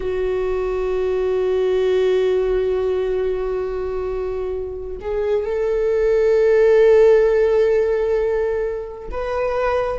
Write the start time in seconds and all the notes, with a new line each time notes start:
0.00 F#4
5.00 G#4
5.45 A4
9.11 B4